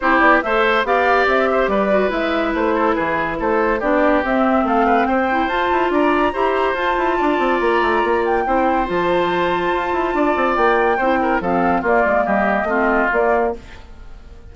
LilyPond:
<<
  \new Staff \with { instrumentName = "flute" } { \time 4/4 \tempo 4 = 142 c''8 d''8 e''4 f''4 e''4 | d''4 e''4 c''4 b'4 | c''4 d''4 e''4 f''4 | g''4 a''4 ais''2 |
a''2 ais''4. g''8~ | g''4 a''2.~ | a''4 g''2 f''4 | d''4 dis''2 d''4 | }
  \new Staff \with { instrumentName = "oboe" } { \time 4/4 g'4 c''4 d''4. c''8 | b'2~ b'8 a'8 gis'4 | a'4 g'2 a'8 b'8 | c''2 d''4 c''4~ |
c''4 d''2. | c''1 | d''2 c''8 ais'8 a'4 | f'4 g'4 f'2 | }
  \new Staff \with { instrumentName = "clarinet" } { \time 4/4 e'4 a'4 g'2~ | g'8 fis'8 e'2.~ | e'4 d'4 c'2~ | c'8 e'8 f'2 g'4 |
f'1 | e'4 f'2.~ | f'2 e'4 c'4 | ais2 c'4 ais4 | }
  \new Staff \with { instrumentName = "bassoon" } { \time 4/4 c'8 b8 a4 b4 c'4 | g4 gis4 a4 e4 | a4 b4 c'4 a4 | c'4 f'8 e'8 d'4 e'4 |
f'8 e'8 d'8 c'8 ais8 a8 ais4 | c'4 f2 f'8 e'8 | d'8 c'8 ais4 c'4 f4 | ais8 gis8 g4 a4 ais4 | }
>>